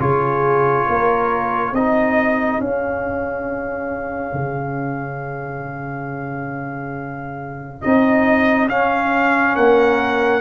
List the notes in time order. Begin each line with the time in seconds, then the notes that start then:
0.00 C#3 F4 G#4 C#5
0.89 A#3 A#4
1.73 C4 D#4 G#4 D#5
2.61 C#4 F5
4.34 C#3
7.82 C4 D#4 D#5
8.69 C#4 F5
9.56 A#3 A#4 F#5